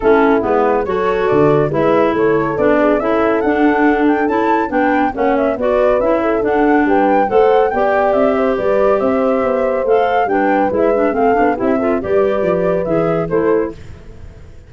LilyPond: <<
  \new Staff \with { instrumentName = "flute" } { \time 4/4 \tempo 4 = 140 a'4 b'4 cis''4 d''4 | e''4 cis''4 d''4 e''4 | fis''4. g''8 a''4 g''4 | fis''8 e''8 d''4 e''4 fis''4 |
g''4 fis''4 g''4 e''4 | d''4 e''2 f''4 | g''4 e''4 f''4 e''4 | d''2 e''4 c''4 | }
  \new Staff \with { instrumentName = "horn" } { \time 4/4 e'2 a'2 | b'4 a'4. gis'8 a'4~ | a'2. b'4 | cis''4 b'4. a'4. |
b'4 c''4 d''4. c''8 | b'4 c''2. | b'2 a'4 g'8 a'8 | b'2. a'4 | }
  \new Staff \with { instrumentName = "clarinet" } { \time 4/4 cis'4 b4 fis'2 | e'2 d'4 e'4 | d'2 e'4 d'4 | cis'4 fis'4 e'4 d'4~ |
d'4 a'4 g'2~ | g'2. a'4 | d'4 e'8 d'8 c'8 d'8 e'8 f'8 | g'2 gis'4 e'4 | }
  \new Staff \with { instrumentName = "tuba" } { \time 4/4 a4 gis4 fis4 d4 | gis4 a4 b4 cis'4 | d'2 cis'4 b4 | ais4 b4 cis'4 d'4 |
g4 a4 b4 c'4 | g4 c'4 b4 a4 | g4 gis4 a8 b8 c'4 | g4 f4 e4 a4 | }
>>